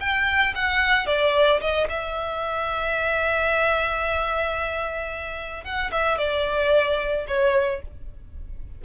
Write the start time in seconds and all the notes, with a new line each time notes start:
0.00 G5
0.55 F#5
1.06 D5
1.61 D#5
1.89 E5
5.64 F#5
5.91 E5
6.18 D5
7.28 C#5